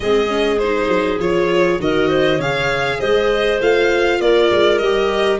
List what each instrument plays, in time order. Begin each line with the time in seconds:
0.00 tuba G#3, viola C4, clarinet G#4, violin D#5
0.27 viola C#4
0.58 viola D#4, violin C5
0.88 tuba F#3
1.19 tuba F3, viola F4, violin C#5
1.79 tuba D#3, viola F#4, clarinet A#4, violin D#5
2.08 clarinet C5
2.38 tuba C#3, viola G#4, clarinet C#5, violin F5
2.99 tuba G#3, clarinet C5, violin D#5
3.60 tuba A3, viola F4, violin F5
4.20 tuba A#3, clarinet A#4, violin D5
4.50 tuba G#3
4.78 tuba G3, violin D#5
4.84 viola G4